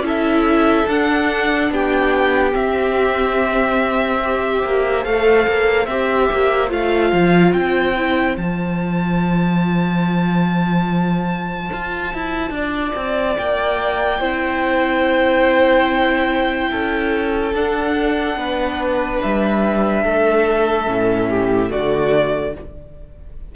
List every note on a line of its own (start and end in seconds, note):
0.00 0.83 C#4
0.00 0.86 E4
0.00 1.72 A4
0.08 0.88 E5
0.87 1.70 D4
0.87 2.52 D4
0.87 1.72 F#5
1.70 2.54 B3
1.70 4.20 G4
1.70 2.55 G5
2.52 4.19 C4
2.52 4.63 C4
2.52 5.05 E5
4.20 5.02 G4
4.20 12.53 C5
4.64 5.05 A#3
5.02 5.47 A3
5.02 5.85 A4
5.02 5.86 F5
5.47 5.87 A#3
5.86 6.28 C4
5.86 6.69 G4
5.86 6.69 E5
6.32 6.71 A#3
6.69 7.12 A3
6.69 7.94 F4
6.69 7.53 F5
7.13 7.53 F3
7.53 8.37 C4
7.53 8.36 G5
7.96 8.37 E4
8.37 11.70 F3
8.37 14.20 F4
8.37 13.37 A5
11.72 12.14 F4
12.14 12.50 E4
12.50 12.92 D4
12.50 14.20 D5
12.95 13.37 C4
13.37 14.20 A#3
13.37 17.53 G5
14.20 16.70 C4
14.20 17.54 E4
14.20 16.70 C5
16.71 17.53 C#4
16.71 18.37 A4
17.53 18.36 D4
17.53 20.86 D4
17.53 19.22 F#5
18.36 19.19 B3
18.36 20.04 B4
19.22 20.04 G3
19.22 21.71 E5
20.04 20.87 A3
20.04 21.29 A4
20.86 21.71 A2
20.86 21.69 C#4
21.29 21.71 G4
21.69 22.55 D3
21.69 22.52 A3
21.69 22.54 F#4
21.69 22.55 D5